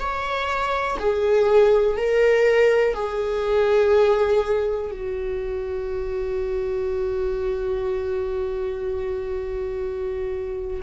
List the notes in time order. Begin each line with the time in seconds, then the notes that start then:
0.00 C#5
1.00 G#4
1.97 A#4
2.95 G#4
4.91 F#4